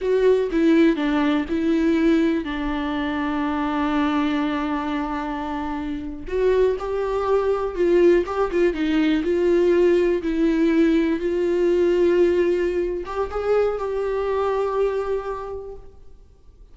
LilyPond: \new Staff \with { instrumentName = "viola" } { \time 4/4 \tempo 4 = 122 fis'4 e'4 d'4 e'4~ | e'4 d'2.~ | d'1~ | d'8. fis'4 g'2 f'16~ |
f'8. g'8 f'8 dis'4 f'4~ f'16~ | f'8. e'2 f'4~ f'16~ | f'2~ f'8 g'8 gis'4 | g'1 | }